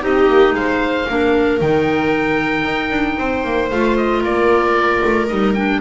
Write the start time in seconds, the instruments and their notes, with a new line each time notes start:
0.00 double bass C4, clarinet D#4, viola G4, oboe D#5
0.28 double bass A#3
0.53 double bass G#3, viola C5, oboe F5
1.09 double bass A#3, clarinet D4, viola A#4
1.60 double bass D#3, clarinet D#4, oboe G5
2.65 double bass D#4
2.91 double bass D4
3.18 double bass C4, viola C5
3.44 double bass A#3
3.71 double bass A3, clarinet F4, oboe F5
3.97 oboe D#5
4.21 double bass A#3, viola A#4, oboe D5
5.04 double bass A3
5.27 double bass G3, clarinet D#4, oboe D#5
5.55 clarinet D4, oboe G5